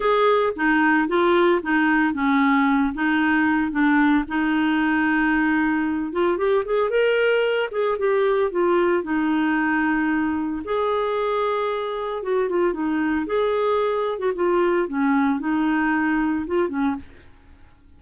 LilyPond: \new Staff \with { instrumentName = "clarinet" } { \time 4/4 \tempo 4 = 113 gis'4 dis'4 f'4 dis'4 | cis'4. dis'4. d'4 | dis'2.~ dis'8 f'8 | g'8 gis'8 ais'4. gis'8 g'4 |
f'4 dis'2. | gis'2. fis'8 f'8 | dis'4 gis'4.~ gis'16 fis'16 f'4 | cis'4 dis'2 f'8 cis'8 | }